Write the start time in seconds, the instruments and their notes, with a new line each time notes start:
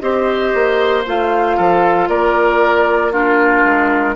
0.00 bassoon C4, clarinet G4, oboe C5, flute D#5
0.54 bassoon A#3
1.06 bassoon A3, clarinet F4, flute F5
1.57 bassoon F3, oboe A4
2.08 bassoon A#3, oboe A#4, flute D5
3.12 clarinet D4, oboe F4, flute A#4
3.64 bassoon G#3